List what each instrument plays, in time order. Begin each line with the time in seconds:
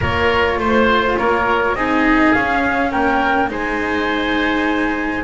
0.00 double bass A#3, cello F4, oboe A#4, flute C#5
0.57 double bass A3, flute C5, oboe C5
1.17 double bass A#3, oboe A#4, flute C#5
1.74 double bass C4, cello D#4, oboe G#4, flute D#5
2.32 cello C#4, double bass C#4, flute F5
2.91 double bass A#3, oboe A#4, flute G5
3.48 double bass G#3, cello D#4, oboe C5, flute G#5